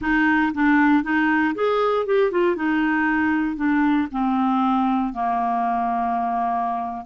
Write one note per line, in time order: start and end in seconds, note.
0.01 0.52 D#4
0.54 1.03 D4
1.03 1.54 D#4
1.54 2.06 G#4
2.06 2.31 G4
2.31 2.56 F4
2.56 3.56 D#4
3.56 4.07 D4
4.11 5.13 C4
5.13 7.05 A#3